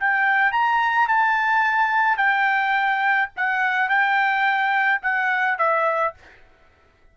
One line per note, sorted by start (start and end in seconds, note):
0.00 0.52 G5
0.52 1.08 A#5
1.08 2.17 A5
2.17 3.30 G5
3.37 3.89 F#5
3.89 5.01 G5
5.02 5.58 F#5
5.58 6.15 E5